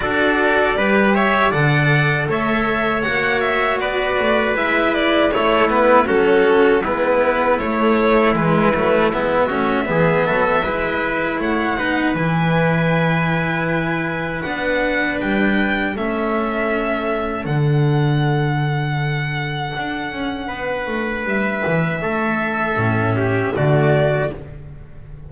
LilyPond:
<<
  \new Staff \with { instrumentName = "violin" } { \time 4/4 \tempo 4 = 79 d''4. e''8 fis''4 e''4 | fis''8 e''8 d''4 e''8 d''8 cis''8 b'8 | a'4 b'4 cis''4 b'4 | e''2. fis''4 |
gis''2. fis''4 | g''4 e''2 fis''4~ | fis''1 | e''2. d''4 | }
  \new Staff \with { instrumentName = "trumpet" } { \time 4/4 a'4 b'8 cis''8 d''4 cis''4~ | cis''4 b'2 e'4 | fis'4 e'2.~ | e'8 fis'8 gis'8 a'8 b'4 cis''8 b'8~ |
b'1~ | b'4 a'2.~ | a'2. b'4~ | b'4 a'4. g'8 fis'4 | }
  \new Staff \with { instrumentName = "cello" } { \time 4/4 fis'4 g'4 a'2 | fis'2 e'4 a8 b8 | cis'4 b4 a4 gis8 a8 | b8 cis'8 b4 e'4. dis'8 |
e'2. d'4~ | d'4 cis'2 d'4~ | d'1~ | d'2 cis'4 a4 | }
  \new Staff \with { instrumentName = "double bass" } { \time 4/4 d'4 g4 d4 a4 | ais4 b8 a8 gis4 a4 | fis4 gis4 a4 e8 fis8 | gis8 a8 e8 fis8 gis4 a8 b8 |
e2. b4 | g4 a2 d4~ | d2 d'8 cis'8 b8 a8 | g8 e8 a4 a,4 d4 | }
>>